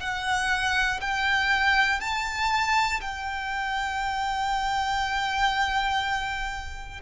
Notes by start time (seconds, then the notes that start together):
0.00 F#5
1.00 G5
2.00 A5
3.01 G5